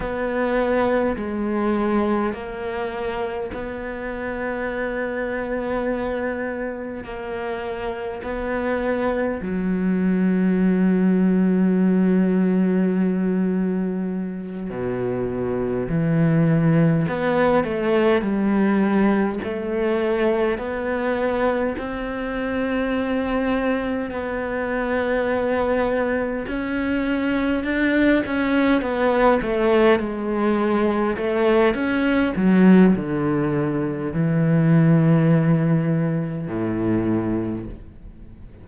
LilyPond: \new Staff \with { instrumentName = "cello" } { \time 4/4 \tempo 4 = 51 b4 gis4 ais4 b4~ | b2 ais4 b4 | fis1~ | fis8 b,4 e4 b8 a8 g8~ |
g8 a4 b4 c'4.~ | c'8 b2 cis'4 d'8 | cis'8 b8 a8 gis4 a8 cis'8 fis8 | d4 e2 a,4 | }